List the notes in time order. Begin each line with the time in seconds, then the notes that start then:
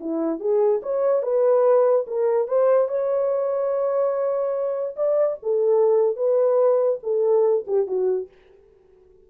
0.00 E4
0.39 G#4
0.83 C#5
1.23 B4
2.07 A#4
2.48 C5
2.88 C#5
4.96 D5
5.42 A4
6.16 B4
7.03 A4
7.67 G4
7.87 F#4